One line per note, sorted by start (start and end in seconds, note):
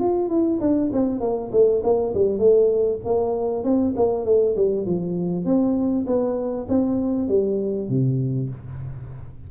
0.00 0.29 F4
0.29 0.60 E4
0.61 0.91 D4
0.93 1.21 C4
1.21 1.51 A#3
1.52 1.83 A3
1.84 2.14 A#3
2.15 2.39 G3
2.39 3.00 A3
3.05 3.64 A#3
3.64 3.95 C4
3.97 4.25 A#3
4.25 4.56 A3
4.57 4.86 G3
4.86 5.45 F3
5.45 6.06 C4
6.07 6.67 B3
6.69 7.29 C4
7.29 7.89 G3
7.89 8.50 C3